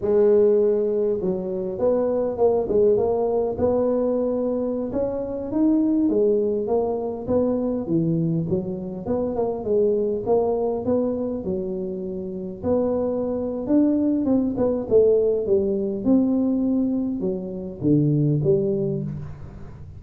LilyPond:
\new Staff \with { instrumentName = "tuba" } { \time 4/4 \tempo 4 = 101 gis2 fis4 b4 | ais8 gis8 ais4 b2~ | b16 cis'4 dis'4 gis4 ais8.~ | ais16 b4 e4 fis4 b8 ais16~ |
ais16 gis4 ais4 b4 fis8.~ | fis4~ fis16 b4.~ b16 d'4 | c'8 b8 a4 g4 c'4~ | c'4 fis4 d4 g4 | }